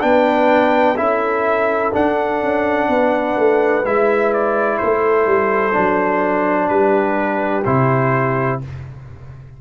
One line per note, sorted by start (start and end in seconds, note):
0.00 0.98 B3
0.00 0.95 D4
0.00 0.98 B4
0.00 0.97 G5
0.97 1.93 C#4
0.97 1.92 E4
0.97 2.90 A4
0.97 1.92 E5
1.92 3.83 D4
1.92 2.42 D4
1.92 3.86 F#5
2.42 2.88 C#4
2.88 3.36 B3
2.88 4.81 B4
3.36 3.84 A3
3.85 4.80 G#3
3.85 5.72 E4
3.85 4.33 E5
4.33 4.78 D5
4.78 5.26 A3
4.78 6.69 A4
4.78 6.68 C5
5.26 5.74 G3
5.72 6.70 F#3
5.72 7.63 D4
6.69 7.65 G3
6.69 8.59 G4
6.69 7.64 B4
7.65 8.61 C3
7.65 8.61 E4
7.65 8.60 C5